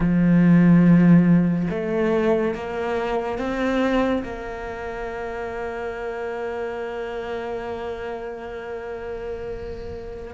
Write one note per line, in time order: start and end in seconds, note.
0.00 1.68 F3
1.70 2.54 A3
2.55 3.38 A#3
3.38 4.23 C4
4.23 10.33 A#3